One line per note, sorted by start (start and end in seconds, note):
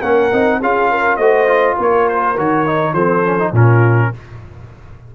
0.00 0.32 A#3
0.00 0.32 C#4
0.00 0.59 A#4
0.00 0.61 F#5
0.32 0.62 C4
0.32 0.61 D#4
0.62 1.18 C#4
0.62 1.21 F4
0.62 0.91 G#4
0.62 1.17 F5
0.91 1.18 A#4
1.17 1.77 A3
1.17 1.48 F#4
1.17 1.77 C5
1.17 1.76 D#5
1.48 2.36 F4
1.77 2.38 A#3
1.77 2.94 A#4
1.77 2.09 C#5
2.09 2.38 C5
2.38 2.93 D#3
2.38 2.67 F#4
2.38 2.94 C#5
2.67 2.96 D#4
2.93 3.52 F3
2.93 3.25 C4
2.93 3.52 A4
2.93 3.53 C5
3.25 3.39 C#4
3.39 3.54 D#4
3.52 4.11 A#2
3.52 4.14 C#4
3.52 4.11 F4
3.52 4.15 A#4